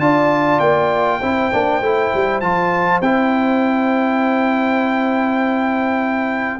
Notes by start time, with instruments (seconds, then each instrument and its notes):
0.00 tuba D4, trombone F4, horn D5, trumpet A5
0.60 tuba A#3, trumpet G5
1.20 tuba C4, trombone E4, horn C5
1.52 tuba A#3, trombone D4
1.82 tuba A3, trombone E4
2.14 tuba G3
2.41 tuba F3, trombone F4, trumpet A5
3.02 tuba C4, trombone E4, trumpet G5